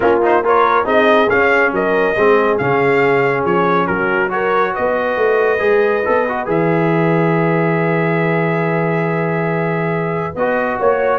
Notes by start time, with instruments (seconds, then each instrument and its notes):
0.00 tuba A#3, trombone C#4, horn F4, trumpet A#4
0.22 trombone D#4, trumpet C5
0.42 trombone F4, horn A#4, trumpet C#5
0.84 tuba C4, trombone D#4, horn G#4, trumpet D#5
1.29 trombone C#4, tuba C#4, trumpet F5
1.71 tuba F#3, horn A#4, trumpet D#5
2.16 tuba G#3, trombone C4, horn G#4
2.58 tuba C#3, trombone C#4, trumpet F5
3.44 tuba F3, trumpet C#5
3.86 tuba F#3, horn F#4, trumpet A#4
4.29 trombone F#4, horn A#4, trumpet C#5
4.73 tuba B3, horn B4, trumpet D#5
5.16 tuba A3
5.59 tuba G#3, trombone G#4
6.05 tuba B3, trombone A4
6.28 trombone F#4
6.45 tuba E3, trombone G#4, trumpet E5
10.35 tuba B3, trombone F#4, trumpet D#5
10.78 tuba A#3, horn C#5, trumpet C#5